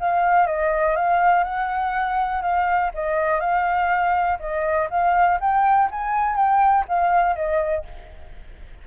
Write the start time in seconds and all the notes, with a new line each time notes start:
0.00 F5
0.47 D#5
0.96 F5
1.44 F#5
2.42 F5
2.95 D#5
3.41 F5
4.40 D#5
4.91 F5
5.41 G5
5.92 G#5
6.36 G5
6.89 F5
7.36 D#5